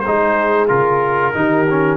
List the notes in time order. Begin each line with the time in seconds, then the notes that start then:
0.00 G#4 C5
0.06 G#3 D#4
0.68 C#3 F4 A#4
1.33 D#3 D#4 G4
1.69 C#4